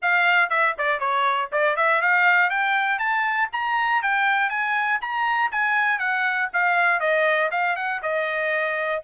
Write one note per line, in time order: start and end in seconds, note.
0.01 0.49 F5
0.49 0.74 E5
0.77 0.99 D5
0.99 1.49 C#5
1.52 1.76 D5
1.76 2.01 E5
2.01 2.50 F5
2.50 2.98 G5
2.98 3.48 A5
3.52 4.02 A#5
4.02 4.49 G5
4.49 4.99 G#5
5.01 5.51 A#5
5.51 5.98 G#5
5.98 6.48 F#5
6.53 7.00 F5
7.00 7.50 D#5
7.51 7.75 F5
7.75 8.00 F#5
8.02 9.02 D#5